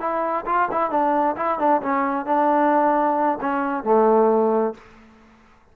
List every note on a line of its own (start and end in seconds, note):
0.00 0.45 E4
0.46 0.69 F4
0.71 0.91 E4
0.91 1.36 D4
1.36 1.59 E4
1.59 1.81 D4
1.82 2.26 C#4
2.26 3.39 D4
3.41 3.84 C#4
3.84 4.74 A3